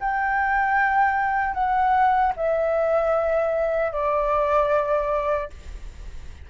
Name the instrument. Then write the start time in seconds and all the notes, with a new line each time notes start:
flute
0.00 G5
1.54 F#5
2.36 E5
3.92 D5